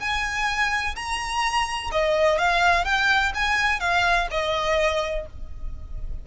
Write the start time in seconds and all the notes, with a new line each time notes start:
0.00 G#5
0.96 A#5
1.92 D#5
2.38 F5
2.85 G5
3.35 G#5
3.80 F5
4.31 D#5